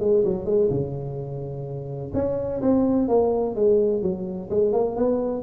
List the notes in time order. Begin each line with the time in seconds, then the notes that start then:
0.00 G#3
0.25 F#3
0.46 G#3
0.71 C#3
2.14 C#4
2.62 C4
3.08 A#3
3.56 G#3
4.02 F#3
4.51 G#3
4.73 A#3
4.96 B3